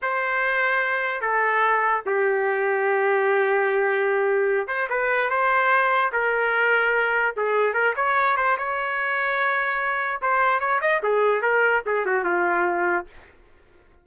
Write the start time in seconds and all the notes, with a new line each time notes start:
0.02 C5
1.21 A4
2.06 G4
4.67 C5
4.89 B4
5.30 C5
6.12 A#4
7.36 G#4
7.73 A#4
7.96 C#5
8.36 C5
8.57 C#5
10.21 C5
10.60 C#5
10.81 D#5
11.02 G#4
11.42 A#4
11.86 G#4
12.05 F#4
12.24 F4